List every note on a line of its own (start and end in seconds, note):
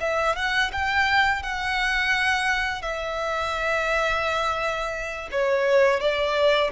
0.00 0.35 E5
0.35 0.71 F#5
0.72 1.42 G5
1.42 2.82 F#5
2.82 5.29 E5
5.31 6.00 C#5
6.00 6.70 D5